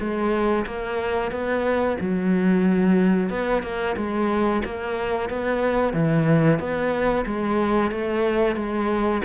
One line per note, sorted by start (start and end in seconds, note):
0.00 0.66 G#3
0.67 1.32 A#3
1.32 1.98 B3
2.00 3.31 F#3
3.31 3.63 B3
3.63 3.96 A#3
3.97 4.63 G#3
4.65 5.30 A#3
5.30 5.94 B3
5.94 6.60 E3
6.60 7.26 B3
7.26 7.91 G#3
7.91 8.57 A3
8.57 9.22 G#3